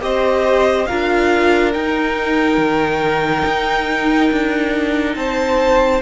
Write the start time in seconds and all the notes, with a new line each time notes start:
0.00 C4 G4 C5 D#5
0.86 D4 F4 A#4 F5
1.72 D#4 G5
2.57 D#3
3.45 D#4
4.31 D4
5.15 C4 C5 A5